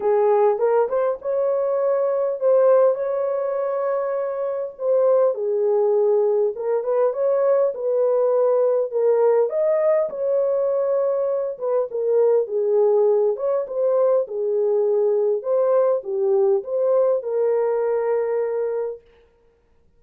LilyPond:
\new Staff \with { instrumentName = "horn" } { \time 4/4 \tempo 4 = 101 gis'4 ais'8 c''8 cis''2 | c''4 cis''2. | c''4 gis'2 ais'8 b'8 | cis''4 b'2 ais'4 |
dis''4 cis''2~ cis''8 b'8 | ais'4 gis'4. cis''8 c''4 | gis'2 c''4 g'4 | c''4 ais'2. | }